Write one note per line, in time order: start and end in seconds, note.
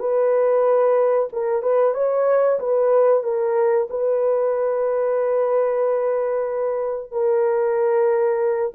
0.00 1.29 B4
1.33 1.63 A#4
1.63 1.95 B4
1.95 2.59 C#5
2.60 3.24 B4
3.24 3.88 A#4
3.90 7.12 B4
7.12 8.73 A#4